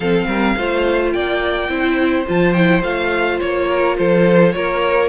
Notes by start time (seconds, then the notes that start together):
0.00 F3 C4 A4 F5
0.26 G3 A#4
0.57 A3 F4 C5
1.12 A#3 D5 G5
1.68 C4 E4 C5
2.26 F3 F4 A5
2.53 E4 G5
2.83 A3 F4 F5
3.40 A#3 C#5
3.68 A#4
3.97 F3 A4 C5
4.52 A#3 A#4 C#5